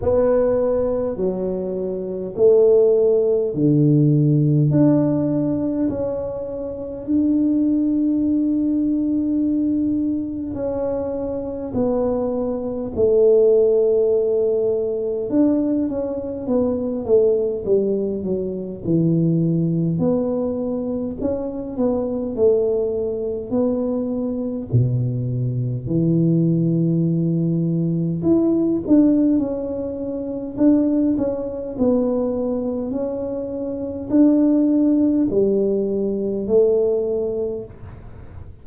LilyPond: \new Staff \with { instrumentName = "tuba" } { \time 4/4 \tempo 4 = 51 b4 fis4 a4 d4 | d'4 cis'4 d'2~ | d'4 cis'4 b4 a4~ | a4 d'8 cis'8 b8 a8 g8 fis8 |
e4 b4 cis'8 b8 a4 | b4 b,4 e2 | e'8 d'8 cis'4 d'8 cis'8 b4 | cis'4 d'4 g4 a4 | }